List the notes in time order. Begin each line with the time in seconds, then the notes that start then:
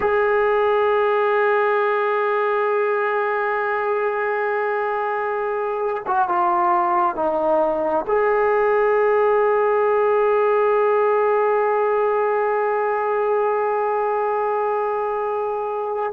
0.00 G#4
6.07 F#4
6.28 F4
7.15 D#4
8.07 G#4